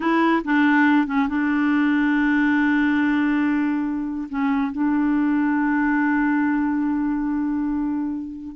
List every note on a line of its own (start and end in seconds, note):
0.00 0.42 E4
0.44 1.06 D4
1.06 1.28 C#4
1.28 4.28 D4
4.29 4.72 C#4
4.72 8.55 D4